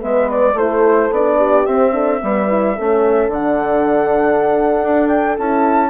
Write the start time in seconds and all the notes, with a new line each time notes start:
0.00 G#3 B3 B4 E5
0.30 D5
0.54 A3 E4 A4 C5
1.11 B3 D4 D5
1.37 G4
1.65 C4 E5
1.92 D4 A4
2.21 G3 B3 B4
2.47 E4
2.75 A3 C#4 A4
3.27 D3 D4 F#5
4.83 D4
5.08 G5
5.38 C#4 E4 A5